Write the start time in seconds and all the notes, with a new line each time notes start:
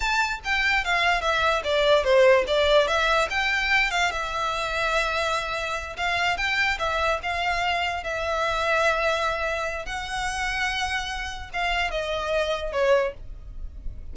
0.00 A5
0.44 G5
0.84 F5
1.21 E5
1.63 D5
2.03 C5
2.47 D5
2.87 E5
3.30 G5
3.90 F5
4.11 E5
5.96 F5
6.37 G5
6.79 E5
7.23 F5
8.03 E5
9.85 F#5
11.53 F5
11.90 D#5
12.72 C#5